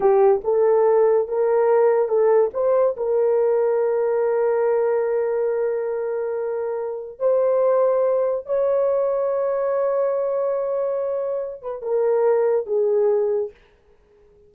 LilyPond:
\new Staff \with { instrumentName = "horn" } { \time 4/4 \tempo 4 = 142 g'4 a'2 ais'4~ | ais'4 a'4 c''4 ais'4~ | ais'1~ | ais'1~ |
ais'4 c''2. | cis''1~ | cis''2.~ cis''8 b'8 | ais'2 gis'2 | }